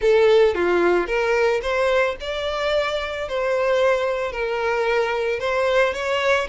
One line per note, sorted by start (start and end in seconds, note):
0.01 0.54 A4
0.54 1.07 F4
1.07 1.61 A#4
1.62 2.16 C5
2.20 3.28 D5
3.28 4.31 C5
4.31 5.39 A#4
5.39 5.93 C5
5.93 6.47 C#5